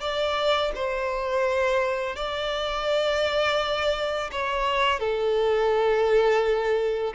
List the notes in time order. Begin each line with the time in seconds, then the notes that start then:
0.00 D5
0.75 C5
2.16 D5
4.31 C#5
4.99 A4